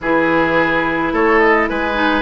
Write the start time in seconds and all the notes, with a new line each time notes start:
0.00 E3 E4 G#4 B4
1.12 A3 A4 C#5
1.39 D#5
1.68 G#3 B4 G#5
1.94 D#4